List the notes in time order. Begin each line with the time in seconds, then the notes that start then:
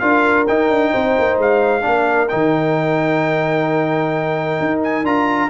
0.00 D4 F4 A#4 F5
0.47 D#4 G5
0.70 D4
0.91 C4 C5
1.19 A#3
1.38 G#3 F5
1.82 A#3 D4 A#4
2.29 D#3 D#4 G5
4.60 D#4
4.84 G#5
5.04 D4 F4 A#5